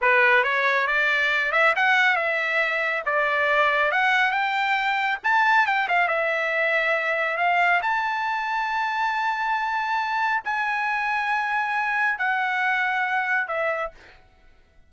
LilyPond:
\new Staff \with { instrumentName = "trumpet" } { \time 4/4 \tempo 4 = 138 b'4 cis''4 d''4. e''8 | fis''4 e''2 d''4~ | d''4 fis''4 g''2 | a''4 g''8 f''8 e''2~ |
e''4 f''4 a''2~ | a''1 | gis''1 | fis''2. e''4 | }